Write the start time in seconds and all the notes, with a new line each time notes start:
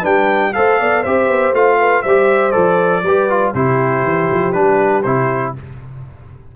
0.00 G3 D4 B4 G5
0.53 A3 A4 C5 F5
0.80 B3 D5
1.03 C4 G4 C5 E5
1.27 B3
1.53 A3 F4 F5
1.79 B4
2.02 G3 G4 C5 E5
2.51 F3 A4 D5
3.02 G3 G4 B4
3.29 F4
3.54 C3 E4 G4 C5
4.03 E3
4.31 F3
4.52 G3 D4 B4
5.03 C3 E4 C5